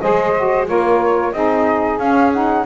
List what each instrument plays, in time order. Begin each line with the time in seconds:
0.00 double bass G#3, saxophone G#4 C5, flute D#5
0.37 saxophone F#4
0.66 double bass A#3, saxophone F4 A#4, flute C#5
1.33 double bass C4, saxophone D#4 G#4, flute D#5
1.99 double bass C#4, saxophone C#4, flute F5
2.33 saxophone D#4, flute F#5